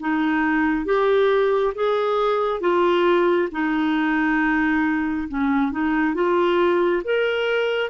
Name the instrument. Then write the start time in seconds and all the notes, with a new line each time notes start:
clarinet
0.00 D#4
0.85 G4
1.75 G#4
2.61 F4
3.52 D#4
5.29 C#4
5.72 D#4
6.15 F4
7.04 A#4